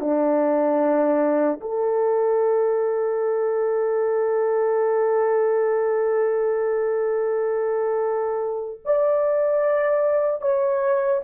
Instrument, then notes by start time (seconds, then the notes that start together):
horn
0.00 D4
1.61 A4
8.85 D5
10.41 C#5